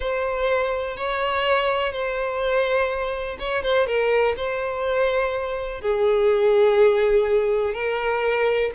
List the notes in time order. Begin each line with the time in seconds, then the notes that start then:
0.00 C5
0.97 C#5
1.92 C5
3.39 C#5
3.62 C5
3.86 A#4
4.36 C5
5.81 G#4
7.74 A#4